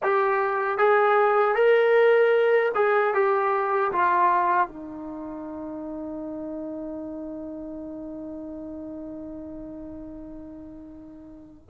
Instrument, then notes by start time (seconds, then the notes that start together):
trombone
0.02 G4
0.78 G#4
1.55 A#4
2.74 G#4
3.13 G4
3.92 F4
4.67 D#4